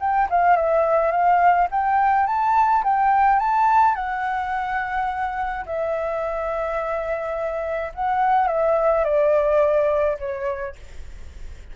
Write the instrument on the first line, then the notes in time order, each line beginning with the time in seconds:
flute
0.00 G5
0.30 F5
0.56 E5
1.11 F5
1.71 G5
2.27 A5
2.84 G5
3.40 A5
3.95 F#5
5.66 E5
7.94 F#5
8.48 E5
9.04 D5
10.19 C#5